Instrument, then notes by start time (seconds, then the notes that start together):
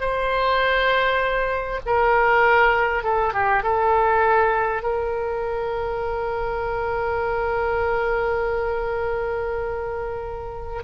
oboe
0.00 C5
1.85 A#4
3.03 A4
3.33 G4
3.63 A4
4.82 A#4